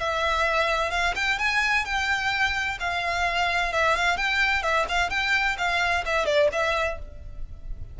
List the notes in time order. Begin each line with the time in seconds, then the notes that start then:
0.00 E5
0.91 F5
1.15 G5
1.39 G#5
1.85 G5
2.80 F5
3.73 E5
3.96 F5
4.17 G5
4.63 E5
4.89 F5
5.10 G5
5.58 F5
6.05 E5
6.26 D5
6.52 E5